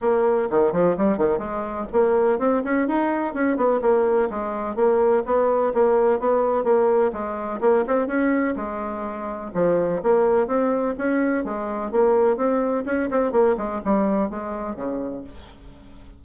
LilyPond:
\new Staff \with { instrumentName = "bassoon" } { \time 4/4 \tempo 4 = 126 ais4 dis8 f8 g8 dis8 gis4 | ais4 c'8 cis'8 dis'4 cis'8 b8 | ais4 gis4 ais4 b4 | ais4 b4 ais4 gis4 |
ais8 c'8 cis'4 gis2 | f4 ais4 c'4 cis'4 | gis4 ais4 c'4 cis'8 c'8 | ais8 gis8 g4 gis4 cis4 | }